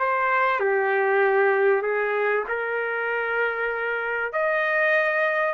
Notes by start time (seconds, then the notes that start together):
0.00 C5
0.60 G4
1.83 G#4
2.49 A#4
4.33 D#5